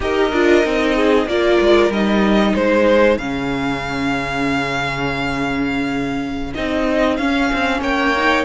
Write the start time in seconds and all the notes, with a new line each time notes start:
0.00 D#4 G4 A#4 D#5
0.32 D4 F4
0.64 C4 D#4
0.95 G#4
1.26 A#3 F4 A#4 D5
1.60 G#3
1.89 G3 D#4 D#5
2.54 G#3 G#4 C5
3.17 C#3 C#4 F5
6.54 C4 D#4 D#5
7.16 C#4 F5
7.53 C4
7.81 A#3 C#5 G5
8.16 D#4